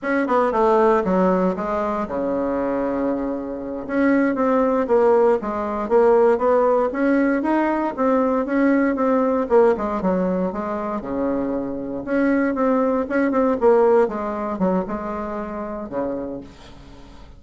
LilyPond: \new Staff \with { instrumentName = "bassoon" } { \time 4/4 \tempo 4 = 117 cis'8 b8 a4 fis4 gis4 | cis2.~ cis8 cis'8~ | cis'8 c'4 ais4 gis4 ais8~ | ais8 b4 cis'4 dis'4 c'8~ |
c'8 cis'4 c'4 ais8 gis8 fis8~ | fis8 gis4 cis2 cis'8~ | cis'8 c'4 cis'8 c'8 ais4 gis8~ | gis8 fis8 gis2 cis4 | }